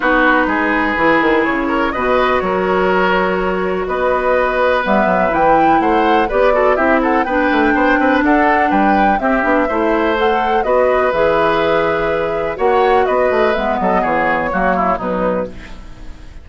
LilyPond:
<<
  \new Staff \with { instrumentName = "flute" } { \time 4/4 \tempo 4 = 124 b'2. cis''4 | dis''4 cis''2. | dis''2 e''4 g''4 | fis''4 d''4 e''8 fis''8 g''4~ |
g''4 fis''4 g''4 e''4~ | e''4 fis''4 dis''4 e''4~ | e''2 fis''4 dis''4 | e''8 dis''8 cis''2 b'4 | }
  \new Staff \with { instrumentName = "oboe" } { \time 4/4 fis'4 gis'2~ gis'8 ais'8 | b'4 ais'2. | b'1 | c''4 b'8 a'8 g'8 a'8 b'4 |
c''8 b'8 a'4 b'4 g'4 | c''2 b'2~ | b'2 cis''4 b'4~ | b'8 a'8 gis'4 fis'8 e'8 dis'4 | }
  \new Staff \with { instrumentName = "clarinet" } { \time 4/4 dis'2 e'2 | fis'1~ | fis'2 b4 e'4~ | e'4 g'8 fis'8 e'4 d'4~ |
d'2. c'8 d'8 | e'4 a'4 fis'4 gis'4~ | gis'2 fis'2 | b2 ais4 fis4 | }
  \new Staff \with { instrumentName = "bassoon" } { \time 4/4 b4 gis4 e8 dis8 cis4 | b,4 fis2. | b2 g8 fis8 e4 | a4 b4 c'4 b8 a8 |
b8 c'8 d'4 g4 c'8 b8 | a2 b4 e4~ | e2 ais4 b8 a8 | gis8 fis8 e4 fis4 b,4 | }
>>